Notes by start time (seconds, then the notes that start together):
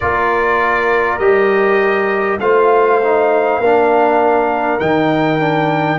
0.00 A#3 F4 A#4 D5
1.18 G3 G4 D#5
2.39 A3 F4 C5 F5
3.02 D#4
3.59 A#3 D4 A#4
4.79 D#3 D#4 G5
5.39 D4